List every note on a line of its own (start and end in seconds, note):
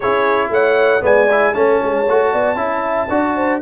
0.00 0.49 C#4
0.00 1.00 E4
0.00 0.50 G#4
0.00 0.50 C#5
0.49 1.01 A3
0.49 1.03 C#5
0.49 1.04 F#5
1.00 1.53 G#3
1.00 1.26 B3
1.00 1.54 D5
1.00 1.54 G#5
1.31 1.54 E4
1.54 1.80 A3
1.54 2.05 C#4
1.54 2.32 C#5
1.54 3.61 A5
1.83 2.08 G#3
2.08 2.33 A3
2.08 2.56 F#4
2.32 2.55 B3
2.32 2.58 D5
2.55 3.07 C#4
2.55 3.07 E4
2.55 3.10 E5
3.09 3.60 D4
3.09 3.61 F#4
3.09 3.35 D5
3.35 3.61 C5